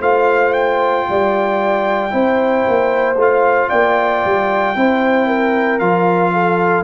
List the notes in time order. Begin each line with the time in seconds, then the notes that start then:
0.00 A3 F4 C5 F5
0.52 G5
1.09 G3 D5
2.10 C4 E4 C5
2.68 A#3
3.16 A3 F4 F5
3.69 A#3 D5 G5
4.25 G3
4.75 C4 E4 C5
5.27 A#4
5.79 F3 F4 F5
6.33 A4